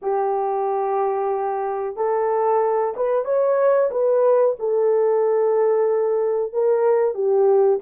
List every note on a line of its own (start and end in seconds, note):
0.02 1.96 G4
1.96 2.94 A4
2.96 3.24 B4
3.24 3.90 C#5
3.90 4.56 B4
4.59 6.52 A4
6.52 7.14 A#4
7.14 7.79 G4